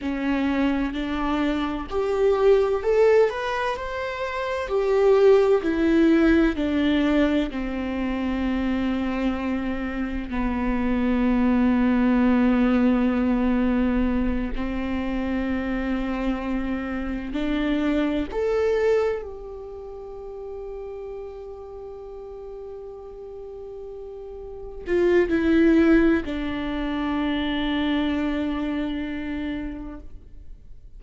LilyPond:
\new Staff \with { instrumentName = "viola" } { \time 4/4 \tempo 4 = 64 cis'4 d'4 g'4 a'8 b'8 | c''4 g'4 e'4 d'4 | c'2. b4~ | b2.~ b8 c'8~ |
c'2~ c'8 d'4 a'8~ | a'8 g'2.~ g'8~ | g'2~ g'8 f'8 e'4 | d'1 | }